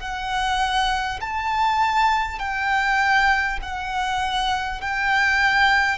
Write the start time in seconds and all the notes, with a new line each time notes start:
0.00 F#5
1.21 A5
2.39 G5
3.62 F#5
4.81 G5